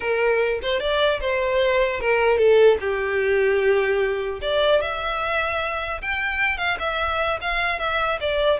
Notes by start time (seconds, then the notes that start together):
0.00 A#4
0.62 C5
0.80 D5
1.20 C5
2.00 A#4
2.37 A4
2.80 G4
4.41 D5
4.81 E5
6.01 G5
6.57 F5
6.79 E5
7.41 F5
7.79 E5
8.20 D5